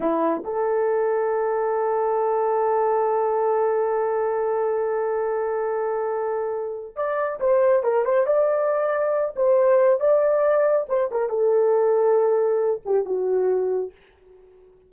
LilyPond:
\new Staff \with { instrumentName = "horn" } { \time 4/4 \tempo 4 = 138 e'4 a'2.~ | a'1~ | a'1~ | a'1 |
d''4 c''4 ais'8 c''8 d''4~ | d''4. c''4. d''4~ | d''4 c''8 ais'8 a'2~ | a'4. g'8 fis'2 | }